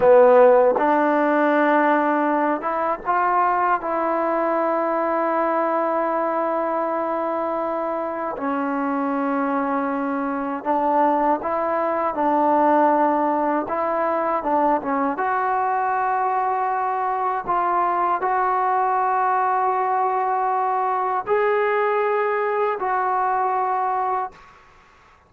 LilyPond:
\new Staff \with { instrumentName = "trombone" } { \time 4/4 \tempo 4 = 79 b4 d'2~ d'8 e'8 | f'4 e'2.~ | e'2. cis'4~ | cis'2 d'4 e'4 |
d'2 e'4 d'8 cis'8 | fis'2. f'4 | fis'1 | gis'2 fis'2 | }